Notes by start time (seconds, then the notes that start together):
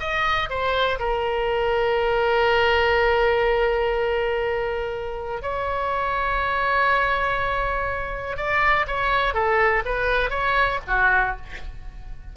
0.00 D#5
0.50 C5
0.99 A#4
5.42 C#5
8.37 D5
8.87 C#5
9.34 A4
9.85 B4
10.30 C#5
10.87 F#4